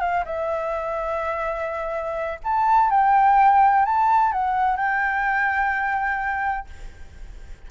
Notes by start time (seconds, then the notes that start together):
0.00 F5
0.25 E5
2.44 A5
2.90 G5
3.85 A5
4.32 F#5
4.76 G5